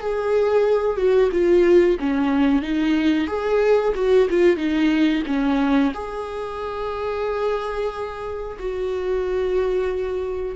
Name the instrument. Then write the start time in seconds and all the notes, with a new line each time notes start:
viola
0.00 G#4
0.97 F#4
1.31 F4
1.99 C#4
2.62 D#4
3.27 G#4
3.95 F#4
4.29 F4
4.56 D#4
5.26 C#4
5.93 G#4
8.59 F#4